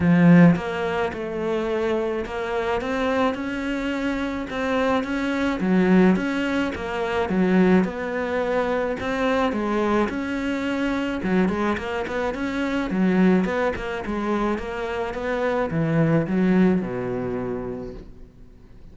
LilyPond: \new Staff \with { instrumentName = "cello" } { \time 4/4 \tempo 4 = 107 f4 ais4 a2 | ais4 c'4 cis'2 | c'4 cis'4 fis4 cis'4 | ais4 fis4 b2 |
c'4 gis4 cis'2 | fis8 gis8 ais8 b8 cis'4 fis4 | b8 ais8 gis4 ais4 b4 | e4 fis4 b,2 | }